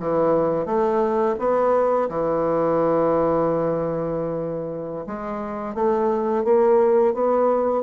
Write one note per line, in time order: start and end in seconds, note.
0.00 0.66 E3
0.66 1.36 A3
1.39 2.09 B3
2.10 5.06 E3
5.07 5.75 G#3
5.75 6.45 A3
6.45 7.14 A#3
7.14 7.84 B3